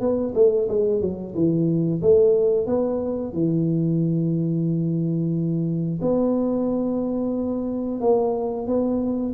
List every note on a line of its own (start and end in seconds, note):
0.00 0.33 B3
0.34 0.68 A3
0.68 1.01 G#3
1.01 1.34 F#3
1.34 2.01 E3
2.02 2.66 A3
2.66 3.33 B3
3.33 6.00 E3
6.01 8.00 B3
8.00 8.67 A#3
8.67 9.33 B3